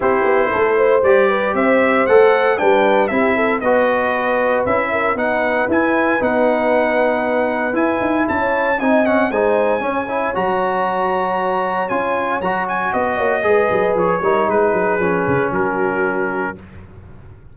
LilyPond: <<
  \new Staff \with { instrumentName = "trumpet" } { \time 4/4 \tempo 4 = 116 c''2 d''4 e''4 | fis''4 g''4 e''4 dis''4~ | dis''4 e''4 fis''4 gis''4 | fis''2. gis''4 |
a''4 gis''8 fis''8 gis''2 | ais''2. gis''4 | ais''8 gis''8 dis''2 cis''4 | b'2 ais'2 | }
  \new Staff \with { instrumentName = "horn" } { \time 4/4 g'4 a'8 c''4 b'8 c''4~ | c''4 b'4 g'8 a'8 b'4~ | b'4. ais'8 b'2~ | b'1 |
cis''4 dis''4 c''4 cis''4~ | cis''1~ | cis''4 dis''8 cis''8 b'4. ais'8 | gis'2 fis'2 | }
  \new Staff \with { instrumentName = "trombone" } { \time 4/4 e'2 g'2 | a'4 d'4 e'4 fis'4~ | fis'4 e'4 dis'4 e'4 | dis'2. e'4~ |
e'4 dis'8 cis'8 dis'4 cis'8 e'8 | fis'2. f'4 | fis'2 gis'4. dis'8~ | dis'4 cis'2. | }
  \new Staff \with { instrumentName = "tuba" } { \time 4/4 c'8 b8 a4 g4 c'4 | a4 g4 c'4 b4~ | b4 cis'4 b4 e'4 | b2. e'8 dis'8 |
cis'4 c'4 gis4 cis'4 | fis2. cis'4 | fis4 b8 ais8 gis8 fis8 f8 g8 | gis8 fis8 f8 cis8 fis2 | }
>>